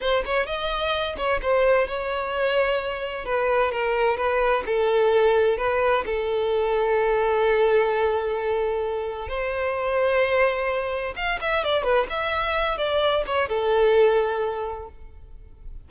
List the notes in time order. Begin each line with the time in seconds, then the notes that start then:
0.00 C5
0.25 C#5
0.46 D#5
1.17 C#5
1.41 C5
1.87 C#5
3.25 B4
3.71 A#4
4.17 B4
4.66 A4
5.57 B4
6.05 A4
9.28 C5
11.15 F5
11.40 E5
11.63 D5
11.83 B4
12.09 E5
12.77 D5
13.26 C#5
13.49 A4